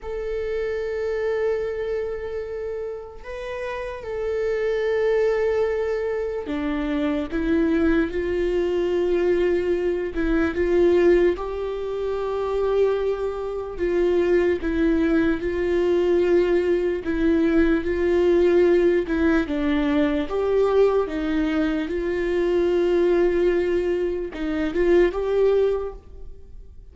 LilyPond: \new Staff \with { instrumentName = "viola" } { \time 4/4 \tempo 4 = 74 a'1 | b'4 a'2. | d'4 e'4 f'2~ | f'8 e'8 f'4 g'2~ |
g'4 f'4 e'4 f'4~ | f'4 e'4 f'4. e'8 | d'4 g'4 dis'4 f'4~ | f'2 dis'8 f'8 g'4 | }